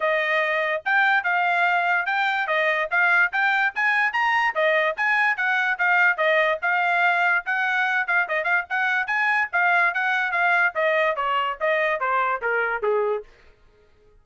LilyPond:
\new Staff \with { instrumentName = "trumpet" } { \time 4/4 \tempo 4 = 145 dis''2 g''4 f''4~ | f''4 g''4 dis''4 f''4 | g''4 gis''4 ais''4 dis''4 | gis''4 fis''4 f''4 dis''4 |
f''2 fis''4. f''8 | dis''8 f''8 fis''4 gis''4 f''4 | fis''4 f''4 dis''4 cis''4 | dis''4 c''4 ais'4 gis'4 | }